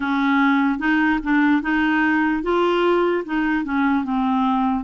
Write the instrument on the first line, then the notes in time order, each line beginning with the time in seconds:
clarinet
0.00 C#4
0.79 D#4
1.23 D4
1.62 D#4
2.43 F4
3.25 D#4
3.64 C#4
4.04 C4